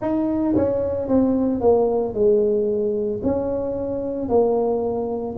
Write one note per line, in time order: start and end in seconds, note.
0.00 0.54 D#4
0.55 1.08 C#4
1.08 1.61 C4
1.61 2.14 A#3
2.14 3.21 G#3
3.23 4.29 C#4
4.29 5.36 A#3